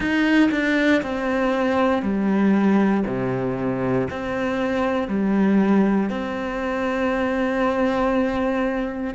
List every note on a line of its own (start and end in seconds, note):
0.00 0.50 D#4
0.51 1.02 D4
1.02 2.02 C4
2.02 3.04 G3
3.06 4.08 C3
4.10 5.08 C4
5.08 6.09 G3
6.09 9.14 C4